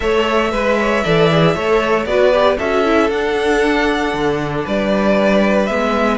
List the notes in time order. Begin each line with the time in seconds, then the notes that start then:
0.00 A3 A4 C#5 E5
0.51 G#3 B4
0.79 C#5
1.04 E3 A4 D5
1.30 G#4
1.55 A3 A4 C#5
2.05 B3 F#4 B4 D5
2.32 G4
2.57 C#4 F#4 A4 E5
2.85 E4
3.10 D4 F#5
4.13 D3
4.64 G3 B4 D5
5.66 G#3 B3 E5